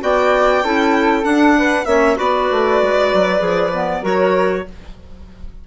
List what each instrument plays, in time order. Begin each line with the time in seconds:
0.00 bassoon B3, clarinet F#4, flute D5, violin G5
0.64 bassoon C#4, clarinet E4, flute A4
1.23 clarinet D4, bassoon D4, violin F#5
1.58 flute B4
1.85 bassoon A#3, clarinet C#4, flute C#5, violin E5
2.16 bassoon B3, clarinet F#4, flute B4, violin D5
2.51 bassoon A3
2.82 bassoon G#3
3.14 bassoon F#3
3.39 bassoon F3, clarinet G#4
3.74 clarinet B3
4.02 bassoon F#3, clarinet F#4, flute A#4, violin C#5